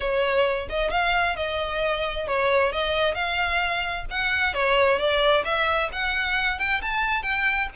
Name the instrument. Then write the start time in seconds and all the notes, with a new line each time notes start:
violin
0.00 C#5
0.69 D#5
0.90 F5
1.36 D#5
2.27 C#5
2.72 D#5
3.14 F5
4.10 F#5
4.54 C#5
4.98 D5
5.44 E5
5.92 F#5
6.58 G5
6.81 A5
7.22 G5